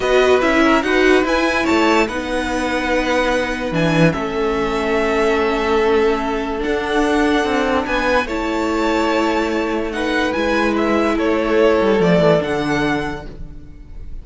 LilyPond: <<
  \new Staff \with { instrumentName = "violin" } { \time 4/4 \tempo 4 = 145 dis''4 e''4 fis''4 gis''4 | a''4 fis''2.~ | fis''4 gis''4 e''2~ | e''1 |
fis''2. gis''4 | a''1 | fis''4 gis''4 e''4 cis''4~ | cis''4 d''4 fis''2 | }
  \new Staff \with { instrumentName = "violin" } { \time 4/4 b'4. ais'8 b'2 | cis''4 b'2.~ | b'2 a'2~ | a'1~ |
a'2. b'4 | cis''1 | b'2. a'4~ | a'1 | }
  \new Staff \with { instrumentName = "viola" } { \time 4/4 fis'4 e'4 fis'4 e'4~ | e'4 dis'2.~ | dis'4 d'4 cis'2~ | cis'1 |
d'1 | e'1 | dis'4 e'2.~ | e'4 a4 d'2 | }
  \new Staff \with { instrumentName = "cello" } { \time 4/4 b4 cis'4 dis'4 e'4 | a4 b2.~ | b4 e4 a2~ | a1 |
d'2 c'4 b4 | a1~ | a4 gis2 a4~ | a8 g8 f8 e8 d2 | }
>>